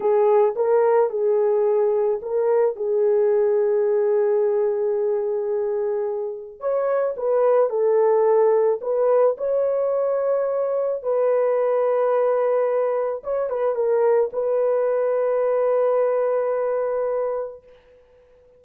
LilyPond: \new Staff \with { instrumentName = "horn" } { \time 4/4 \tempo 4 = 109 gis'4 ais'4 gis'2 | ais'4 gis'2.~ | gis'1 | cis''4 b'4 a'2 |
b'4 cis''2. | b'1 | cis''8 b'8 ais'4 b'2~ | b'1 | }